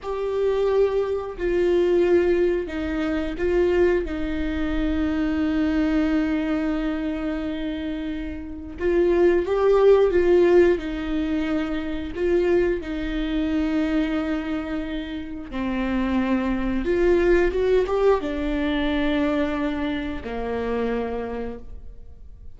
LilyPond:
\new Staff \with { instrumentName = "viola" } { \time 4/4 \tempo 4 = 89 g'2 f'2 | dis'4 f'4 dis'2~ | dis'1~ | dis'4 f'4 g'4 f'4 |
dis'2 f'4 dis'4~ | dis'2. c'4~ | c'4 f'4 fis'8 g'8 d'4~ | d'2 ais2 | }